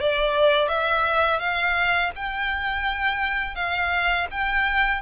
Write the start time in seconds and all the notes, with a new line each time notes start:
0.00 D5
0.68 E5
1.39 F5
2.16 G5
3.55 F5
4.31 G5